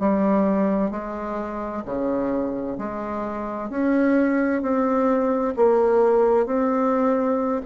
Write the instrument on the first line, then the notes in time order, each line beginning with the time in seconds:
bassoon
0.00 G3
0.91 G#3
1.86 C#3
2.78 G#3
3.70 C#4
4.62 C4
5.57 A#3
6.47 C4